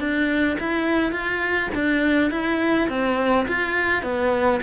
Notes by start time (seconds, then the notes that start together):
0.00 D4
0.60 E4
1.12 F4
1.75 D4
2.31 E4
2.89 C4
3.49 F4
4.03 B3